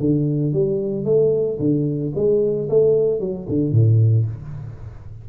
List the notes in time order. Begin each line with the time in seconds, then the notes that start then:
0.00 D3
0.53 G3
1.05 A3
1.59 D3
2.15 G#3
2.70 A3
3.20 F#3
3.49 D3
3.72 A2